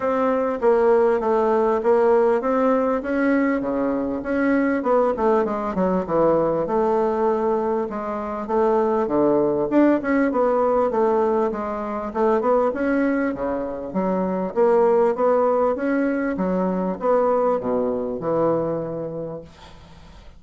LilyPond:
\new Staff \with { instrumentName = "bassoon" } { \time 4/4 \tempo 4 = 99 c'4 ais4 a4 ais4 | c'4 cis'4 cis4 cis'4 | b8 a8 gis8 fis8 e4 a4~ | a4 gis4 a4 d4 |
d'8 cis'8 b4 a4 gis4 | a8 b8 cis'4 cis4 fis4 | ais4 b4 cis'4 fis4 | b4 b,4 e2 | }